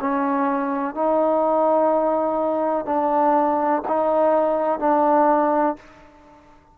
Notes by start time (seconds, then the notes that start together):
0.00 C#4
0.94 D#4
2.85 D4
3.88 D#4
4.79 D4